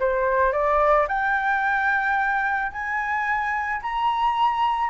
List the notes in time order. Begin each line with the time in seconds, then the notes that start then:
0.00 C5
0.53 D5
1.09 G5
2.72 G#5
3.83 A#5